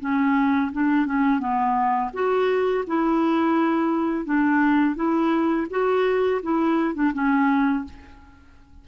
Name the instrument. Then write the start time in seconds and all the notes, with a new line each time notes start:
clarinet
0.00 C#4
0.72 D4
1.06 C#4
1.39 B3
2.13 F#4
2.87 E4
4.25 D4
4.95 E4
5.70 F#4
6.43 E4
6.94 D4
7.13 C#4